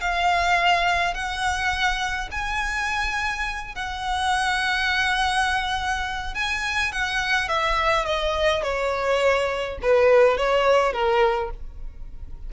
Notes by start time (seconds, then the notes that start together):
0.00 F5
1.14 F#5
2.31 G#5
3.75 F#5
6.34 G#5
6.92 F#5
7.48 E5
8.05 D#5
8.62 C#5
9.82 B4
10.37 C#5
10.92 A#4